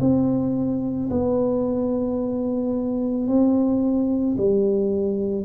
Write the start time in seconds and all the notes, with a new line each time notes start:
0.00 C4
1.10 B3
3.27 C4
4.37 G3